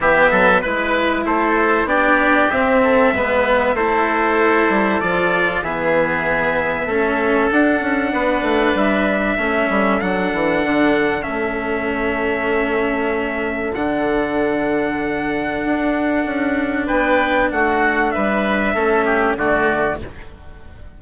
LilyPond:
<<
  \new Staff \with { instrumentName = "trumpet" } { \time 4/4 \tempo 4 = 96 e''4 b'4 c''4 d''4 | e''2 c''2 | d''4 e''2. | fis''2 e''2 |
fis''2 e''2~ | e''2 fis''2~ | fis''2. g''4 | fis''4 e''2 d''4 | }
  \new Staff \with { instrumentName = "oboe" } { \time 4/4 g'8 a'8 b'4 a'4 g'4~ | g'8 a'8 b'4 a'2~ | a'4 gis'2 a'4~ | a'4 b'2 a'4~ |
a'1~ | a'1~ | a'2. b'4 | fis'4 b'4 a'8 g'8 fis'4 | }
  \new Staff \with { instrumentName = "cello" } { \time 4/4 b4 e'2 d'4 | c'4 b4 e'2 | f'4 b2 cis'4 | d'2. cis'4 |
d'2 cis'2~ | cis'2 d'2~ | d'1~ | d'2 cis'4 a4 | }
  \new Staff \with { instrumentName = "bassoon" } { \time 4/4 e8 fis8 gis4 a4 b4 | c'4 gis4 a4. g8 | f4 e2 a4 | d'8 cis'8 b8 a8 g4 a8 g8 |
fis8 e8 d4 a2~ | a2 d2~ | d4 d'4 cis'4 b4 | a4 g4 a4 d4 | }
>>